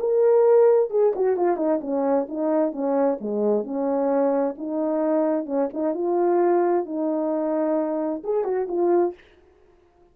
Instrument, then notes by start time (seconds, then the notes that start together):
horn
0.00 A#4
0.90 G#4
1.15 F#4
1.37 F4
1.57 D#4
1.81 C#4
2.28 D#4
2.72 C#4
3.21 G#3
3.64 C#4
4.58 D#4
5.46 C#4
5.74 D#4
5.94 F4
6.85 D#4
8.24 G#4
8.44 F#4
8.68 F4